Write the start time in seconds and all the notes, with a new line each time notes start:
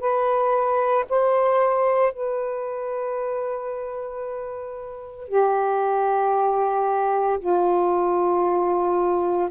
0.00 B4
1.10 C5
2.13 B4
5.29 G4
7.40 F4